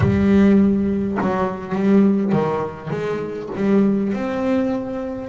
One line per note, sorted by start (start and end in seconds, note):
0.00 1.18 G3
1.21 1.74 F#3
1.74 2.32 G3
2.32 2.90 D#3
2.90 3.49 G#3
3.55 4.13 G3
4.13 5.29 C4